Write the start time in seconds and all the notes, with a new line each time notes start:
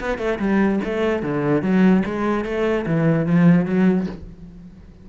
0.00 B3
0.18 A3
0.39 G3
0.84 A3
1.22 D3
1.62 F#3
2.05 G#3
2.45 A3
2.86 E3
3.26 F3
3.65 F#3